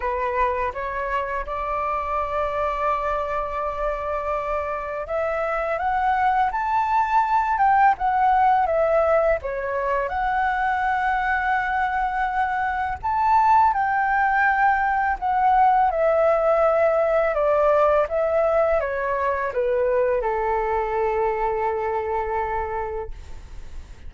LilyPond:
\new Staff \with { instrumentName = "flute" } { \time 4/4 \tempo 4 = 83 b'4 cis''4 d''2~ | d''2. e''4 | fis''4 a''4. g''8 fis''4 | e''4 cis''4 fis''2~ |
fis''2 a''4 g''4~ | g''4 fis''4 e''2 | d''4 e''4 cis''4 b'4 | a'1 | }